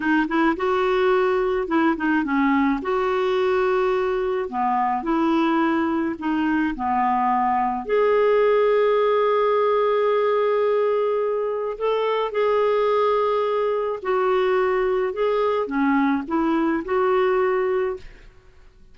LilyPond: \new Staff \with { instrumentName = "clarinet" } { \time 4/4 \tempo 4 = 107 dis'8 e'8 fis'2 e'8 dis'8 | cis'4 fis'2. | b4 e'2 dis'4 | b2 gis'2~ |
gis'1~ | gis'4 a'4 gis'2~ | gis'4 fis'2 gis'4 | cis'4 e'4 fis'2 | }